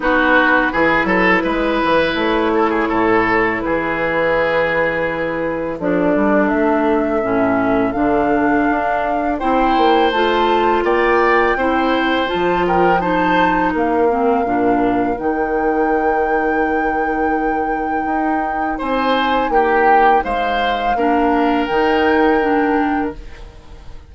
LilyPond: <<
  \new Staff \with { instrumentName = "flute" } { \time 4/4 \tempo 4 = 83 b'2. cis''4~ | cis''4 b'2. | d''4 e''2 f''4~ | f''4 g''4 a''4 g''4~ |
g''4 a''8 g''8 a''4 f''4~ | f''4 g''2.~ | g''2 gis''4 g''4 | f''2 g''2 | }
  \new Staff \with { instrumentName = "oboe" } { \time 4/4 fis'4 gis'8 a'8 b'4. a'16 gis'16 | a'4 gis'2. | a'1~ | a'4 c''2 d''4 |
c''4. ais'8 c''4 ais'4~ | ais'1~ | ais'2 c''4 g'4 | c''4 ais'2. | }
  \new Staff \with { instrumentName = "clarinet" } { \time 4/4 dis'4 e'2.~ | e'1 | d'2 cis'4 d'4~ | d'4 e'4 f'2 |
e'4 f'4 dis'4. c'8 | d'4 dis'2.~ | dis'1~ | dis'4 d'4 dis'4 d'4 | }
  \new Staff \with { instrumentName = "bassoon" } { \time 4/4 b4 e8 fis8 gis8 e8 a4 | a,4 e2. | f8 g8 a4 a,4 d4 | d'4 c'8 ais8 a4 ais4 |
c'4 f2 ais4 | ais,4 dis2.~ | dis4 dis'4 c'4 ais4 | gis4 ais4 dis2 | }
>>